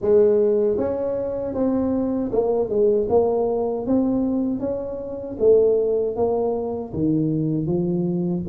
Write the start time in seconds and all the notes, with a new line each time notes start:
0.01 G#3
0.77 C#4
1.54 C4
2.31 A#3
2.69 G#3
3.09 A#3
3.86 C4
4.59 C#4
5.39 A3
6.15 A#3
6.93 D#3
7.66 F3